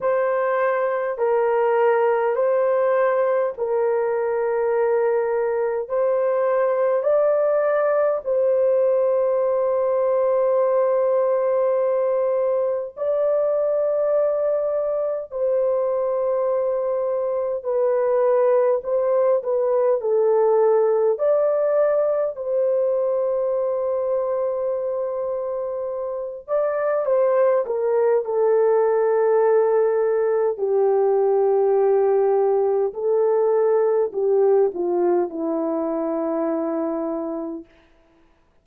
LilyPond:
\new Staff \with { instrumentName = "horn" } { \time 4/4 \tempo 4 = 51 c''4 ais'4 c''4 ais'4~ | ais'4 c''4 d''4 c''4~ | c''2. d''4~ | d''4 c''2 b'4 |
c''8 b'8 a'4 d''4 c''4~ | c''2~ c''8 d''8 c''8 ais'8 | a'2 g'2 | a'4 g'8 f'8 e'2 | }